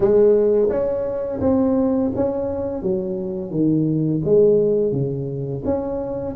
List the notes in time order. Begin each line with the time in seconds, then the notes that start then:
0.00 G#3
0.69 C#4
1.40 C4
2.15 C#4
2.82 F#3
3.51 D#3
4.24 G#3
4.92 C#3
5.64 C#4